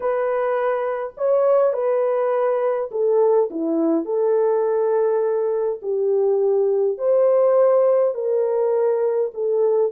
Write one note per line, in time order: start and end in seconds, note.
0.00 1.13 B4
1.17 1.73 C#5
1.73 2.89 B4
2.91 3.49 A4
3.50 4.05 E4
4.05 5.80 A4
5.81 6.98 G4
6.98 8.14 C5
8.14 9.31 A#4
9.34 9.92 A4